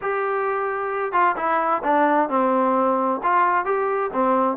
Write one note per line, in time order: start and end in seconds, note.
0.01 1.12 G4
1.12 1.35 F4
1.36 1.82 E4
1.83 2.29 D4
2.29 3.21 C4
3.23 3.65 F4
3.65 4.11 G4
4.13 4.57 C4